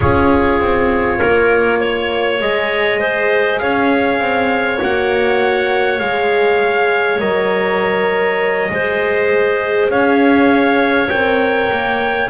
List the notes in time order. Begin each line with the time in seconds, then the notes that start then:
0.00 C#4 F4 G#4 C#5
0.59 C4
1.18 A#3 A#4
1.80 C#5
2.39 G#3 G#4 D#5
3.00 C5
3.58 C#4 C#5 F5
4.19 C4
4.78 A#3 F#4 F#5
5.99 G#3 G#4 F5
7.19 F#3 A#4 D#5
8.70 G#3 G#4 C5
9.89 C#4 C#5 F5
11.09 C4 A#4 G5
11.71 A#3